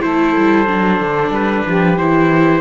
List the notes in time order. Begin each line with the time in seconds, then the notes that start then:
0.00 A3 E4 A4 C5
0.36 G3
0.66 F#3 D4
1.00 D3
1.29 G3 B4
1.65 F3 G4
1.97 E3 E4 C5